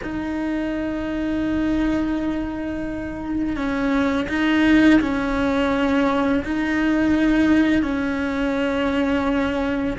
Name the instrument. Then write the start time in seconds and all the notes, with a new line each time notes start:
cello
0.02 D#4
3.56 C#4
4.29 D#4
5.00 C#4
6.44 D#4
7.82 C#4